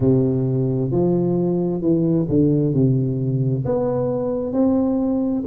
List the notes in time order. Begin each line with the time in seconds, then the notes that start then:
0.00 C3
0.91 F3
1.81 E3
2.28 D3
2.74 C3
3.65 B3
4.52 C4